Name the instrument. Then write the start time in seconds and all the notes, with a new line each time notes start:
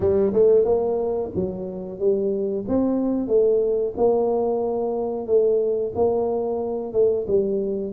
tuba
0.00 G3
0.33 A3
0.64 A#3
1.35 F#3
1.99 G3
2.68 C4
3.27 A3
3.97 A#3
5.26 A3
5.95 A#3
6.92 A3
7.27 G3